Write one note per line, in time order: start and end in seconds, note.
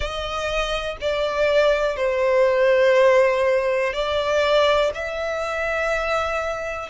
0.00 0.97 D#5
1.00 1.96 D5
1.96 3.93 C5
3.93 4.91 D5
4.94 6.89 E5